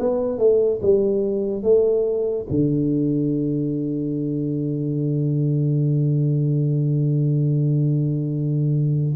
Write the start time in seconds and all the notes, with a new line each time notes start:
0.00 B3
0.38 A3
0.82 G3
1.63 A3
2.50 D3